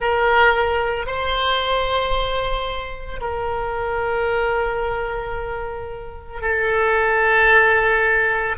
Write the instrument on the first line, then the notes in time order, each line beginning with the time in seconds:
oboe
0.00 A#4
1.06 C5
3.20 A#4
6.41 A4